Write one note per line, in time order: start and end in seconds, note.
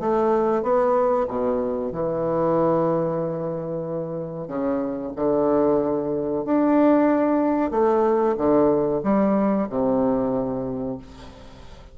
0.00 0.62 A3
0.62 1.27 B3
1.28 1.92 B2
1.92 4.48 E3
4.48 5.12 C#3
5.16 6.45 D3
6.45 7.71 D4
7.71 8.35 A3
8.37 9.02 D3
9.04 9.68 G3
9.69 10.98 C3